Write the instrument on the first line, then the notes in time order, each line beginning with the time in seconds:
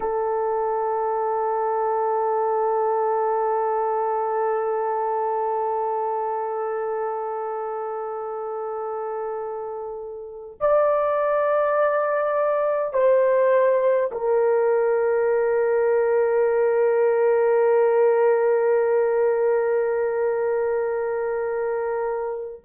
horn
0.00 A4
10.60 D5
12.93 C5
14.11 A#4